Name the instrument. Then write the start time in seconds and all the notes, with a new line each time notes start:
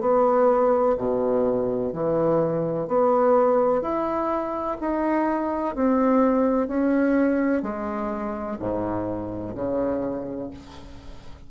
bassoon
0.00 B3
0.97 B2
1.93 E3
2.87 B3
3.81 E4
4.80 D#4
5.75 C4
6.67 C#4
7.62 G#3
8.59 G#2
9.55 C#3